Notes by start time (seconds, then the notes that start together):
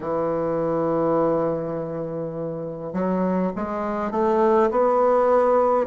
0.00 E3
2.93 F#3
3.56 G#3
4.11 A3
4.71 B3